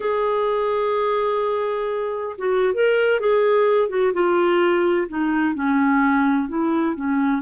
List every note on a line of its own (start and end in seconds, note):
0.00 2.36 G#4
2.38 2.73 F#4
2.73 3.20 A#4
3.20 3.88 G#4
3.88 4.12 F#4
4.13 5.07 F4
5.08 5.54 D#4
5.54 6.48 C#4
6.48 6.95 E4
6.95 7.42 C#4